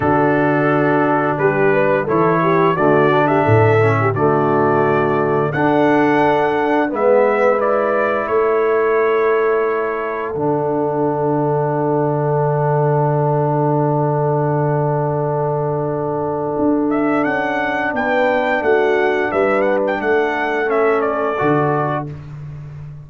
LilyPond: <<
  \new Staff \with { instrumentName = "trumpet" } { \time 4/4 \tempo 4 = 87 a'2 b'4 cis''4 | d''8. e''4~ e''16 d''2 | fis''2 e''4 d''4 | cis''2. fis''4~ |
fis''1~ | fis''1~ | fis''8 e''8 fis''4 g''4 fis''4 | e''8 fis''16 g''16 fis''4 e''8 d''4. | }
  \new Staff \with { instrumentName = "horn" } { \time 4/4 fis'2 g'8 b'8 a'8 g'8 | fis'8. g'16 a'8. g'16 fis'2 | a'2 b'2 | a'1~ |
a'1~ | a'1~ | a'2 b'4 fis'4 | b'4 a'2. | }
  \new Staff \with { instrumentName = "trombone" } { \time 4/4 d'2. e'4 | a8 d'4 cis'8 a2 | d'2 b4 e'4~ | e'2. d'4~ |
d'1~ | d'1~ | d'1~ | d'2 cis'4 fis'4 | }
  \new Staff \with { instrumentName = "tuba" } { \time 4/4 d2 g4 e4 | d4 a,4 d2 | d'2 gis2 | a2. d4~ |
d1~ | d1 | d'4 cis'4 b4 a4 | g4 a2 d4 | }
>>